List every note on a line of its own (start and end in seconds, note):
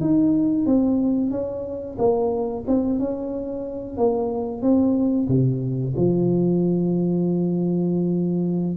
0.00 0.66 D#4
0.66 1.31 C4
1.31 1.97 C#4
1.98 2.64 A#3
2.67 2.99 C4
2.99 3.97 C#4
3.97 4.62 A#3
4.62 5.27 C4
5.28 5.94 C3
5.96 8.76 F3